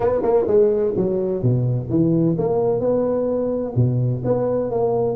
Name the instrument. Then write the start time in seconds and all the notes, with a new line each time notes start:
tuba
0.00 B3
0.22 A#3
0.47 G#3
0.96 F#3
1.42 B2
1.89 E3
2.37 A#3
2.80 B3
3.75 B2
4.24 B3
4.70 A#3